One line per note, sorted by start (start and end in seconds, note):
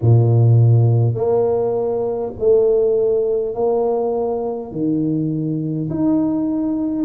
0.01 1.14 A#2
1.14 2.32 A#3
2.39 3.54 A3
3.54 4.71 A#3
4.71 5.89 D#3
5.89 7.05 D#4